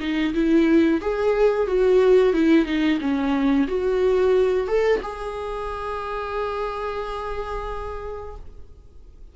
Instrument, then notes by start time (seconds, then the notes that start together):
viola
0.00 D#4
0.34 E4
1.01 G#4
1.67 F#4
2.33 E4
2.65 D#4
3.01 C#4
3.68 F#4
4.67 A4
5.02 G#4